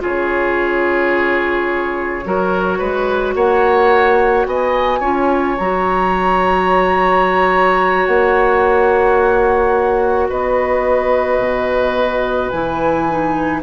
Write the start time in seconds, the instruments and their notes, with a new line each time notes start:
0.00 bassoon C#3, clarinet F4, oboe G#4, flute C#5
2.24 bassoon F#3, clarinet F#4, oboe A#4
2.78 bassoon G#3, oboe B4
3.34 bassoon A#3, oboe C#5, flute F#5
4.46 bassoon B3, oboe D#5, flute G#5
5.00 bassoon C#4, clarinet F4, oboe C#5
5.58 bassoon F#3, clarinet F#4, flute A#5
8.06 bassoon A#3, flute F#5
10.29 bassoon B3, oboe B4, flute D#5
11.38 bassoon B2
12.49 bassoon E3, clarinet E4, flute G#5
13.09 clarinet D#4